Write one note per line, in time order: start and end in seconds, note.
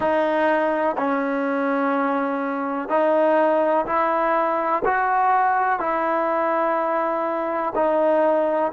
0.00 0.96 D#4
0.97 2.89 C#4
2.89 3.85 D#4
3.86 4.83 E4
4.84 5.79 F#4
5.79 7.73 E4
7.75 8.71 D#4